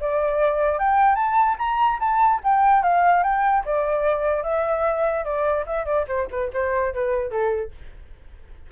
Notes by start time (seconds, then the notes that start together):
0.00 D5
0.79 G5
1.15 A5
1.58 A#5
2.00 A5
2.44 G5
2.83 F5
3.24 G5
3.65 D5
4.43 E5
5.24 D5
5.67 E5
5.86 D5
6.08 C5
6.31 B4
6.53 C5
6.94 B4
7.31 A4